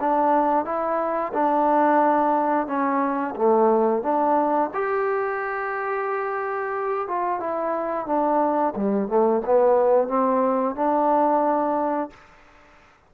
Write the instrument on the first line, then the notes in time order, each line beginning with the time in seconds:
trombone
0.00 D4
0.65 E4
1.33 D4
2.67 C#4
3.36 A3
4.02 D4
4.74 G4
7.08 F4
7.40 E4
8.06 D4
8.75 G3
9.08 A3
9.45 B3
10.08 C4
10.75 D4